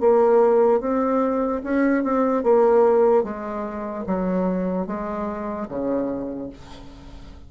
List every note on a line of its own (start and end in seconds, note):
0.00 0.81 A#3
0.81 1.62 C4
1.64 2.03 C#4
2.03 2.43 C4
2.43 3.24 A#3
3.24 4.05 G#3
4.07 4.87 F#3
4.87 5.68 G#3
5.69 6.50 C#3